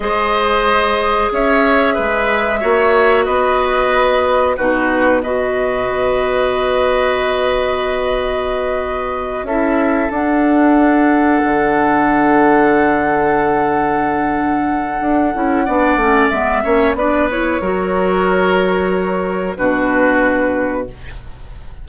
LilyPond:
<<
  \new Staff \with { instrumentName = "flute" } { \time 4/4 \tempo 4 = 92 dis''2 e''2~ | e''4 dis''2 b'4 | dis''1~ | dis''2~ dis''8 e''4 fis''8~ |
fis''1~ | fis''1~ | fis''4 e''4 d''8 cis''4.~ | cis''2 b'2 | }
  \new Staff \with { instrumentName = "oboe" } { \time 4/4 c''2 cis''4 b'4 | cis''4 b'2 fis'4 | b'1~ | b'2~ b'8 a'4.~ |
a'1~ | a'1 | d''4. cis''8 b'4 ais'4~ | ais'2 fis'2 | }
  \new Staff \with { instrumentName = "clarinet" } { \time 4/4 gis'1 | fis'2. dis'4 | fis'1~ | fis'2~ fis'8 e'4 d'8~ |
d'1~ | d'2.~ d'8 e'8 | d'8 cis'8 b8 cis'8 d'8 e'8 fis'4~ | fis'2 d'2 | }
  \new Staff \with { instrumentName = "bassoon" } { \time 4/4 gis2 cis'4 gis4 | ais4 b2 b,4~ | b,4 b2.~ | b2~ b8 cis'4 d'8~ |
d'4. d2~ d8~ | d2. d'8 cis'8 | b8 a8 gis8 ais8 b4 fis4~ | fis2 b,2 | }
>>